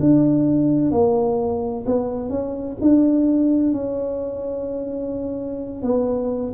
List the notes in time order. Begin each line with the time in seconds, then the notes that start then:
0.00 D4
0.91 A#3
1.86 B3
2.30 C#4
2.82 D4
3.73 C#4
5.83 B3